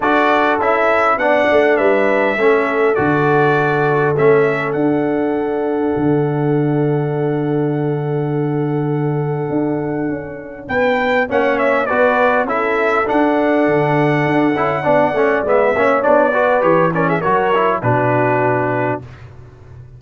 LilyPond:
<<
  \new Staff \with { instrumentName = "trumpet" } { \time 4/4 \tempo 4 = 101 d''4 e''4 fis''4 e''4~ | e''4 d''2 e''4 | fis''1~ | fis''1~ |
fis''2 g''4 fis''8 e''8 | d''4 e''4 fis''2~ | fis''2 e''4 d''4 | cis''8 d''16 e''16 cis''4 b'2 | }
  \new Staff \with { instrumentName = "horn" } { \time 4/4 a'2 d''4 b'4 | a'1~ | a'1~ | a'1~ |
a'2 b'4 cis''4 | b'4 a'2.~ | a'4 d''4. cis''4 b'8~ | b'8 ais'16 gis'16 ais'4 fis'2 | }
  \new Staff \with { instrumentName = "trombone" } { \time 4/4 fis'4 e'4 d'2 | cis'4 fis'2 cis'4 | d'1~ | d'1~ |
d'2. cis'4 | fis'4 e'4 d'2~ | d'8 e'8 d'8 cis'8 b8 cis'8 d'8 fis'8 | g'8 cis'8 fis'8 e'8 d'2 | }
  \new Staff \with { instrumentName = "tuba" } { \time 4/4 d'4 cis'4 b8 a8 g4 | a4 d2 a4 | d'2 d2~ | d1 |
d'4 cis'4 b4 ais4 | b4 cis'4 d'4 d4 | d'8 cis'8 b8 a8 gis8 ais8 b4 | e4 fis4 b,2 | }
>>